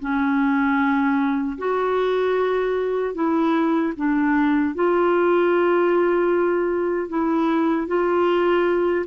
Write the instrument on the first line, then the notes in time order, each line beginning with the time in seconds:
clarinet
0.00 C#4
1.58 F#4
3.15 E4
3.97 D4
4.75 F4
7.09 E4
7.88 F4